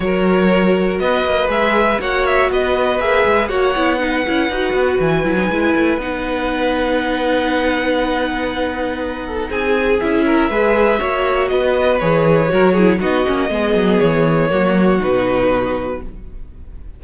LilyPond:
<<
  \new Staff \with { instrumentName = "violin" } { \time 4/4 \tempo 4 = 120 cis''2 dis''4 e''4 | fis''8 e''8 dis''4 e''4 fis''4~ | fis''2 gis''2 | fis''1~ |
fis''2. gis''4 | e''2. dis''4 | cis''2 dis''2 | cis''2 b'2 | }
  \new Staff \with { instrumentName = "violin" } { \time 4/4 ais'2 b'2 | cis''4 b'2 cis''4 | b'1~ | b'1~ |
b'2~ b'8 a'8 gis'4~ | gis'8 ais'8 b'4 cis''4 b'4~ | b'4 ais'8 gis'8 fis'4 gis'4~ | gis'4 fis'2. | }
  \new Staff \with { instrumentName = "viola" } { \time 4/4 fis'2. gis'4 | fis'2 gis'4 fis'8 e'8 | dis'8 e'8 fis'4. e'16 dis'16 e'4 | dis'1~ |
dis'1 | e'4 gis'4 fis'2 | gis'4 fis'8 e'8 dis'8 cis'8 b4~ | b4 ais4 dis'2 | }
  \new Staff \with { instrumentName = "cello" } { \time 4/4 fis2 b8 ais8 gis4 | ais4 b4 ais8 gis8 ais8 b8~ | b8 cis'8 dis'8 b8 e8 fis8 gis8 a8 | b1~ |
b2. c'4 | cis'4 gis4 ais4 b4 | e4 fis4 b8 ais8 gis8 fis8 | e4 fis4 b,2 | }
>>